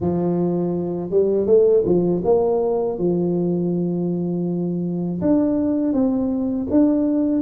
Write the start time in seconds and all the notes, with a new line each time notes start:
0.00 F3
1.10 G3
1.46 A3
1.85 F3
2.24 A#3
2.98 F3
5.21 D4
5.93 C4
6.70 D4